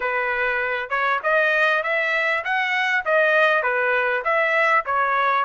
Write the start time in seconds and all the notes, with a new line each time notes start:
0.00 B4
0.89 C#5
1.23 D#5
1.83 E5
2.44 F#5
3.05 D#5
3.62 B4
4.24 E5
4.85 C#5